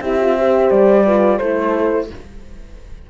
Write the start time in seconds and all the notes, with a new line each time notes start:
0.00 C4 E4 G4 E5
0.20 F4
0.37 G4 C5
0.70 G3 D5
1.05 F4 B4
1.37 A3 E4 A4 C5